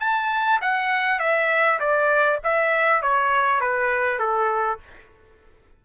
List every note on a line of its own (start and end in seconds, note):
0.00 0.60 A5
0.62 1.20 F#5
1.20 1.80 E5
1.80 2.40 D5
2.44 3.02 E5
3.02 3.61 C#5
3.61 4.19 B4
4.19 4.79 A4